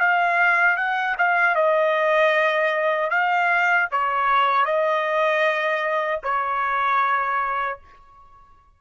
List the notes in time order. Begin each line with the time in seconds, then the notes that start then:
0.00 F5
0.77 F#5
1.18 F5
1.55 D#5
3.11 F5
3.91 C#5
4.65 D#5
6.23 C#5